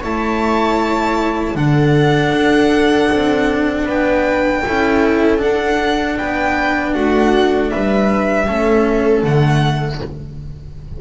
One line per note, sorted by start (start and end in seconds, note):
0.00 1.55 A3
0.00 1.55 E4
0.00 1.54 C#5
0.00 1.57 A5
1.55 2.32 D3
1.55 4.63 D4
1.55 3.85 A4
1.55 3.87 F#5
2.32 3.09 D4
3.11 3.86 C4
3.85 4.63 B3
3.85 4.62 B4
3.85 5.41 G5
4.65 5.42 C#4
4.65 5.37 E4
4.65 6.18 A4
5.37 8.45 D4
5.37 6.18 D4
5.37 6.18 F#5
6.18 6.95 B3
6.18 6.94 B4
6.18 6.94 G5
6.94 7.72 A3
6.94 7.71 F#4
6.94 7.70 F#5
7.70 8.47 G3
7.70 8.47 B4
7.70 9.23 E5
8.47 9.23 A3
8.47 9.24 C#4
8.47 10.01 A4
9.23 10.00 D3
9.23 10.01 A3
9.23 10.00 F#5